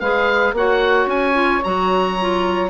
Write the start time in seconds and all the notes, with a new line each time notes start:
0.00 G#3 G#4 B4 F5
0.53 A#3 F#4 C#5 F#5
1.06 C#4 G#5
1.34 F4
1.64 F#3 F#4 A#5
2.20 F4